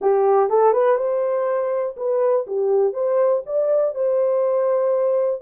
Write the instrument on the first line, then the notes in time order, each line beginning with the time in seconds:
horn
0.01 G4
0.49 A4
0.72 B4
0.97 C5
1.96 B4
2.47 G4
2.93 C5
3.46 D5
3.94 C5